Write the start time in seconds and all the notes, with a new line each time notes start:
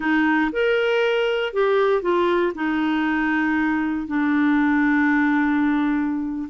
0.00 D#4
0.52 A#4
1.53 G4
2.02 F4
2.54 D#4
4.07 D4